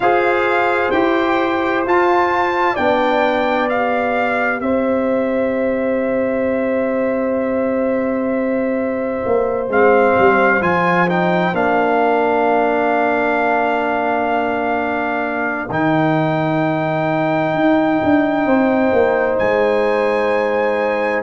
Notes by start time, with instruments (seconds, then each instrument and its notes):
0.00 tuba F4, trombone G#4, horn C5, trumpet F5
0.91 tuba E4, trombone G4, trumpet G5
1.85 tuba F4, trombone F4, trumpet A5
2.73 tuba B3, trombone D4, horn D5, trumpet G5
3.69 trombone G4, trumpet F5
4.60 tuba C4, horn C5, trumpet E5
9.25 tuba A#3
9.68 tuba G#3, trombone C4, trumpet F5
10.18 tuba G3
10.61 tuba F3, trombone F4, trumpet G#5
11.07 trombone D#4, trumpet G5
11.53 tuba A#3, trombone D4, trumpet F5
12.00 horn A#4
15.69 tuba D#3, trombone D#4, trumpet G5
17.54 tuba D#4
18.03 tuba D4
18.45 tuba C4, horn C5
18.92 tuba A#3
19.38 tuba G#3, trumpet G#5